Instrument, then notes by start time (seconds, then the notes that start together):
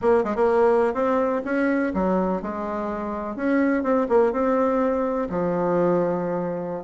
bassoon
0.01 A#3
0.24 G#3
0.35 A#3
0.94 C4
1.44 C#4
1.94 F#3
2.42 G#3
3.36 C#4
3.83 C4
4.08 A#3
4.32 C4
5.29 F3